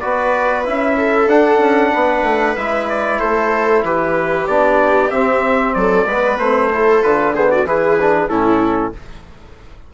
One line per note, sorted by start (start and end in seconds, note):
0.00 0.67 B3
0.00 0.65 F#4
0.00 0.97 B4
0.00 0.64 D5
0.65 1.27 C#4
0.65 1.29 E4
0.65 1.29 E5
0.97 1.93 A4
1.27 1.59 D4
1.27 2.57 D4
1.27 2.57 F#5
1.59 1.91 C#4
1.93 2.23 B3
1.93 3.19 B4
2.23 2.55 A3
2.57 3.20 G#3
2.57 4.48 E4
2.57 2.88 E5
2.89 3.20 D5
3.19 3.84 A3
3.19 3.83 A4
3.19 3.84 C5
3.84 4.47 E3
3.84 5.76 G4
3.84 4.48 B4
4.48 5.11 B3
4.48 5.12 D4
4.48 5.11 D5
5.11 5.75 C4
5.11 6.08 C4
5.11 5.74 E5
5.74 6.05 F#3
5.74 6.07 A4
5.74 6.38 D5
6.05 6.37 G#3
6.05 6.41 B3
6.05 6.71 B4
6.39 7.02 A3
6.39 6.72 C4
6.39 7.03 C5
6.72 7.03 E4
6.72 7.34 A4
7.03 7.64 D3
7.03 7.34 F4
7.03 7.34 B4
7.34 7.67 B3
7.34 7.50 G#4
7.34 7.51 C5
7.51 7.67 F#4
7.51 7.67 D5
7.64 8.28 E3
7.64 7.99 E4
7.64 8.30 G#4
7.64 8.29 B4
8.01 8.29 D4
8.29 8.93 A2
8.29 8.93 C#4
8.29 8.94 E4
8.29 8.93 A4